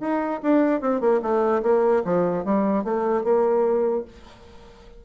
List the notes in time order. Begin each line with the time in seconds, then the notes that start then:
0.00 D#4
0.42 D4
0.81 C4
1.00 A#3
1.22 A3
1.62 A#3
2.04 F3
2.44 G3
2.84 A3
3.24 A#3